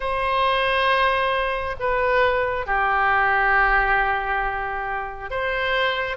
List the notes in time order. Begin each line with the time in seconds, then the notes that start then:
0.00 C5
1.79 B4
2.66 G4
5.30 C5